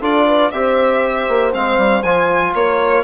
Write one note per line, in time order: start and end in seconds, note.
0.00 0.51 D4
0.00 0.52 F4
0.00 0.25 A4
0.00 0.51 D5
0.26 0.51 B4
0.51 1.27 C4
0.51 1.52 G4
0.51 2.54 C5
0.51 1.52 E5
1.28 1.53 A#3
1.52 1.77 G#3
1.52 2.03 C4
1.52 2.03 F5
1.77 2.03 G3
2.03 2.53 F3
2.03 3.03 F4
2.03 2.53 G#5
2.54 3.03 A#3
2.54 3.03 A#4
2.54 3.03 C#5